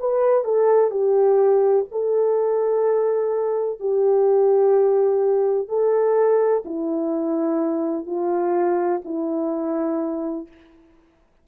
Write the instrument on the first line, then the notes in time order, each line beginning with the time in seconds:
horn
0.00 B4
0.44 A4
0.90 G4
1.91 A4
3.80 G4
5.68 A4
6.65 E4
8.06 F4
9.05 E4